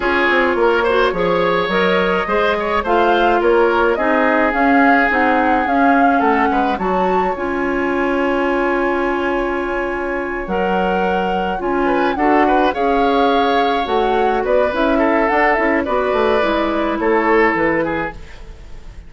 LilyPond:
<<
  \new Staff \with { instrumentName = "flute" } { \time 4/4 \tempo 4 = 106 cis''2. dis''4~ | dis''4 f''4 cis''4 dis''4 | f''4 fis''4 f''4 fis''4 | a''4 gis''2.~ |
gis''2~ gis''8 fis''4.~ | fis''8 gis''4 fis''4 f''4.~ | f''8 fis''4 d''8 e''4 fis''8 e''8 | d''2 cis''4 b'4 | }
  \new Staff \with { instrumentName = "oboe" } { \time 4/4 gis'4 ais'8 c''8 cis''2 | c''8 cis''8 c''4 ais'4 gis'4~ | gis'2. a'8 b'8 | cis''1~ |
cis''1~ | cis''4 b'8 a'8 b'8 cis''4.~ | cis''4. b'4 a'4. | b'2 a'4. gis'8 | }
  \new Staff \with { instrumentName = "clarinet" } { \time 4/4 f'4. fis'8 gis'4 ais'4 | gis'4 f'2 dis'4 | cis'4 dis'4 cis'2 | fis'4 f'2.~ |
f'2~ f'8 ais'4.~ | ais'8 f'4 fis'4 gis'4.~ | gis'8 fis'4. e'4 d'8 e'8 | fis'4 e'2. | }
  \new Staff \with { instrumentName = "bassoon" } { \time 4/4 cis'8 c'8 ais4 f4 fis4 | gis4 a4 ais4 c'4 | cis'4 c'4 cis'4 a8 gis8 | fis4 cis'2.~ |
cis'2~ cis'8 fis4.~ | fis8 cis'4 d'4 cis'4.~ | cis'8 a4 b8 cis'4 d'8 cis'8 | b8 a8 gis4 a4 e4 | }
>>